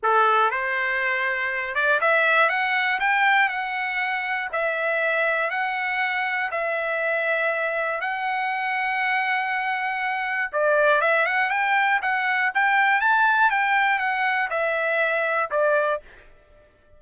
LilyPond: \new Staff \with { instrumentName = "trumpet" } { \time 4/4 \tempo 4 = 120 a'4 c''2~ c''8 d''8 | e''4 fis''4 g''4 fis''4~ | fis''4 e''2 fis''4~ | fis''4 e''2. |
fis''1~ | fis''4 d''4 e''8 fis''8 g''4 | fis''4 g''4 a''4 g''4 | fis''4 e''2 d''4 | }